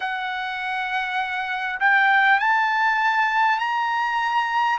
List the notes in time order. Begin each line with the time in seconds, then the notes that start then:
0.00 F#5
1.79 G5
2.39 A5
3.58 A#5